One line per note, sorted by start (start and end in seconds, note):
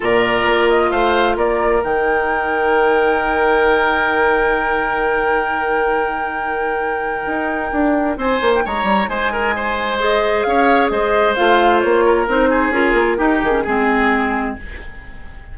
0.00 0.45 A#2
0.00 1.80 F4
0.00 0.90 A#4
0.00 0.68 D5
0.45 0.90 A#3
0.68 0.90 D#5
0.90 1.36 A3
0.90 1.36 C5
0.90 1.36 F5
1.36 1.82 A#3
1.36 8.18 A#4
1.36 1.83 D5
1.80 7.26 D#3
1.80 9.98 D#4
1.80 8.19 G5
7.26 7.71 D#4
7.71 8.17 D4
8.17 8.39 C4
8.17 8.63 C5
8.17 8.53 G#5
8.41 8.64 A#3
8.55 8.66 G5
8.65 8.83 G#3
8.65 9.09 C#5
8.65 9.08 A#5
8.83 9.06 G3
9.08 10.44 G#3
9.08 9.32 C5
9.08 9.99 G#5
9.32 9.55 A#4
9.56 10.47 C5
9.99 11.35 G#4
9.99 10.43 D#5
10.43 10.90 C#4
10.43 10.91 C#5
10.43 10.88 F5
10.89 11.36 G#3
10.89 12.05 C5
10.89 11.35 D#5
11.35 11.84 A3
11.35 12.27 F4
11.35 11.80 F5
11.80 12.27 A#3
11.80 12.26 C#5
12.05 12.49 A#4
12.27 12.69 C4
12.27 12.72 D#4
12.27 12.72 C5
12.49 13.17 G#4
12.69 12.92 C#4
12.69 13.18 F4
12.69 13.40 A#4
12.93 13.16 A#3
13.17 13.51 D#4
13.17 13.42 D#4
13.17 13.63 G4
13.42 13.65 D#3
13.42 14.56 G#4
13.51 13.62 C#4
13.63 14.57 G#3
13.63 14.58 C4
13.63 14.54 G#4